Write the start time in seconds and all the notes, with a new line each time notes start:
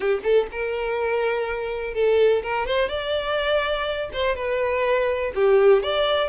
0.00 G4
0.23 A4
0.51 A#4
1.94 A4
2.42 A#4
2.66 C5
2.88 D5
4.13 C5
4.35 B4
5.35 G4
5.82 D5